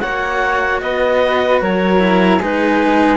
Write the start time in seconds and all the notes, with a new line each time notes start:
0.00 A#3 F#4 C#5 F#5
0.81 B3 B4 D#5
1.61 F#3 A#4 C#5
1.99 E4
2.39 G#3 D#4 G#4 B4